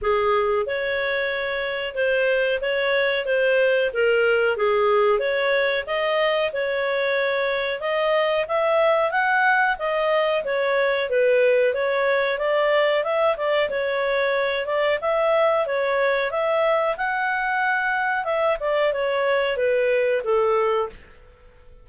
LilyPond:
\new Staff \with { instrumentName = "clarinet" } { \time 4/4 \tempo 4 = 92 gis'4 cis''2 c''4 | cis''4 c''4 ais'4 gis'4 | cis''4 dis''4 cis''2 | dis''4 e''4 fis''4 dis''4 |
cis''4 b'4 cis''4 d''4 | e''8 d''8 cis''4. d''8 e''4 | cis''4 e''4 fis''2 | e''8 d''8 cis''4 b'4 a'4 | }